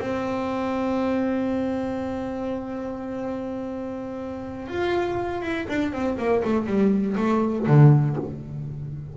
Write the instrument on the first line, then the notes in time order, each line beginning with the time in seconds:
double bass
0.00 C4
4.68 F4
5.43 E4
5.69 D4
5.93 C4
6.18 A#3
6.45 A3
6.67 G3
7.17 A3
7.67 D3